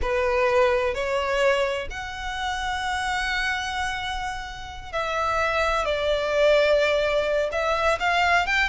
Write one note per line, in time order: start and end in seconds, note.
0.01 0.94 B4
0.94 1.88 C#5
1.90 4.92 F#5
4.92 5.85 E5
5.85 7.49 D5
7.51 7.98 E5
7.99 8.46 F5
8.46 8.69 G5